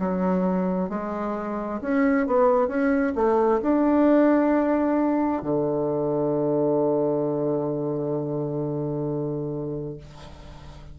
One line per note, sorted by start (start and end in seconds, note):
0.00 0.90 F#3
0.90 1.81 G#3
1.82 2.27 C#4
2.27 2.68 B3
2.68 3.14 C#4
3.16 3.61 A3
3.63 5.43 D4
5.43 9.98 D3